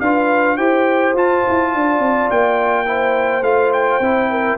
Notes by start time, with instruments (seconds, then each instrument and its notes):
0.00 tuba D4, trombone F4, horn B4, trumpet F5
0.57 tuba E4, trombone G4, horn C5, trumpet G5
1.14 tuba F4, trombone F4, trumpet A5
1.48 tuba E4
1.74 tuba D4, horn D5
1.99 tuba C4
2.30 tuba A#3, trumpet G5
2.86 trombone E4, horn C5
3.42 tuba A3, trombone F4, trumpet F5
3.72 trumpet G5
4.00 tuba C4, trombone E4
4.30 horn A#4